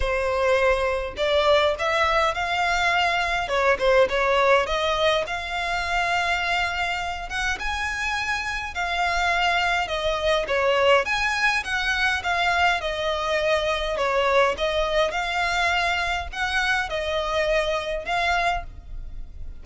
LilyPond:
\new Staff \with { instrumentName = "violin" } { \time 4/4 \tempo 4 = 103 c''2 d''4 e''4 | f''2 cis''8 c''8 cis''4 | dis''4 f''2.~ | f''8 fis''8 gis''2 f''4~ |
f''4 dis''4 cis''4 gis''4 | fis''4 f''4 dis''2 | cis''4 dis''4 f''2 | fis''4 dis''2 f''4 | }